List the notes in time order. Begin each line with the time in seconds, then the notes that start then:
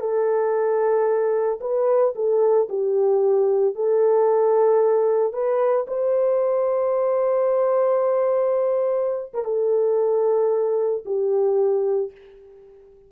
0.00 A4
1.60 B4
2.15 A4
2.69 G4
3.75 A4
5.33 B4
5.87 C5
9.34 A#4
9.44 A4
11.05 G4